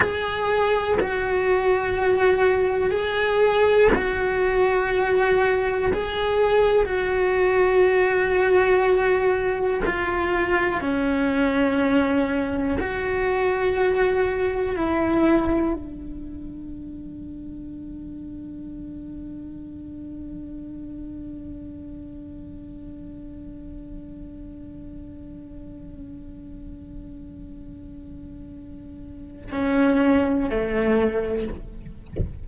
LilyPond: \new Staff \with { instrumentName = "cello" } { \time 4/4 \tempo 4 = 61 gis'4 fis'2 gis'4 | fis'2 gis'4 fis'4~ | fis'2 f'4 cis'4~ | cis'4 fis'2 e'4 |
d'1~ | d'1~ | d'1~ | d'2 cis'4 a4 | }